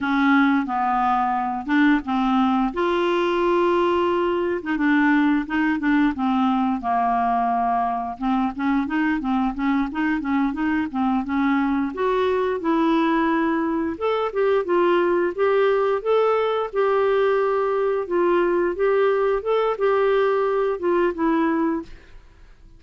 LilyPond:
\new Staff \with { instrumentName = "clarinet" } { \time 4/4 \tempo 4 = 88 cis'4 b4. d'8 c'4 | f'2~ f'8. dis'16 d'4 | dis'8 d'8 c'4 ais2 | c'8 cis'8 dis'8 c'8 cis'8 dis'8 cis'8 dis'8 |
c'8 cis'4 fis'4 e'4.~ | e'8 a'8 g'8 f'4 g'4 a'8~ | a'8 g'2 f'4 g'8~ | g'8 a'8 g'4. f'8 e'4 | }